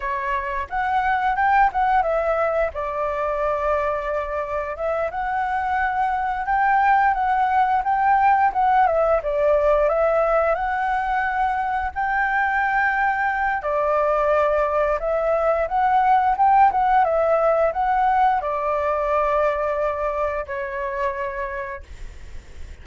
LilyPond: \new Staff \with { instrumentName = "flute" } { \time 4/4 \tempo 4 = 88 cis''4 fis''4 g''8 fis''8 e''4 | d''2. e''8 fis''8~ | fis''4. g''4 fis''4 g''8~ | g''8 fis''8 e''8 d''4 e''4 fis''8~ |
fis''4. g''2~ g''8 | d''2 e''4 fis''4 | g''8 fis''8 e''4 fis''4 d''4~ | d''2 cis''2 | }